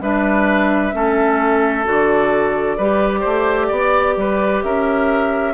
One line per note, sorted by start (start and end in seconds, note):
0.00 0.92 G3
0.00 0.92 D4
0.00 0.94 B4
0.00 1.86 E5
0.92 1.86 A3
0.92 1.84 C#4
0.92 2.77 A4
1.84 2.78 D3
1.84 2.77 F#4
1.84 4.62 D5
2.77 3.24 G3
2.77 5.53 G4
2.77 3.20 B4
3.20 3.71 A3
3.20 3.66 C5
3.67 4.16 B3
3.67 4.14 D5
4.16 4.62 G3
4.16 4.64 B4
4.62 5.53 C#4
4.62 5.53 A#4
4.62 5.53 E5